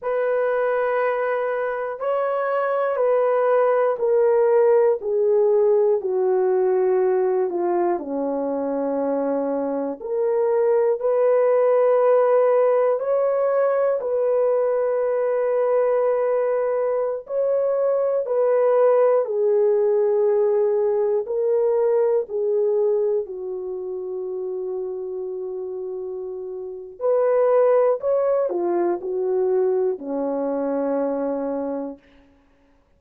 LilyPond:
\new Staff \with { instrumentName = "horn" } { \time 4/4 \tempo 4 = 60 b'2 cis''4 b'4 | ais'4 gis'4 fis'4. f'8 | cis'2 ais'4 b'4~ | b'4 cis''4 b'2~ |
b'4~ b'16 cis''4 b'4 gis'8.~ | gis'4~ gis'16 ais'4 gis'4 fis'8.~ | fis'2. b'4 | cis''8 f'8 fis'4 cis'2 | }